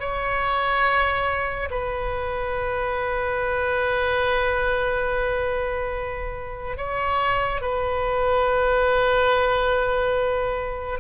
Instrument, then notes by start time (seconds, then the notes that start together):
oboe
0.00 C#5
1.71 B4
6.77 C#5
7.61 B4